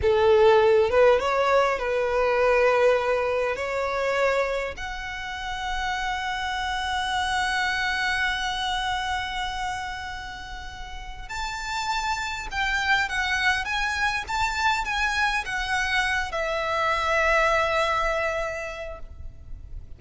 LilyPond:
\new Staff \with { instrumentName = "violin" } { \time 4/4 \tempo 4 = 101 a'4. b'8 cis''4 b'4~ | b'2 cis''2 | fis''1~ | fis''1~ |
fis''2. a''4~ | a''4 g''4 fis''4 gis''4 | a''4 gis''4 fis''4. e''8~ | e''1 | }